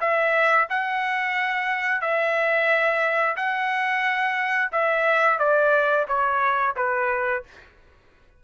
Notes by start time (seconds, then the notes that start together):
0.00 E5
0.70 F#5
2.01 E5
3.36 F#5
4.72 E5
5.39 D5
6.08 C#5
6.76 B4